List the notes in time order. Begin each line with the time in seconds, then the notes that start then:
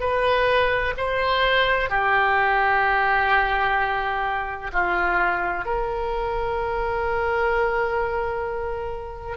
0.00 B4
0.98 C5
1.90 G4
4.73 F4
5.65 A#4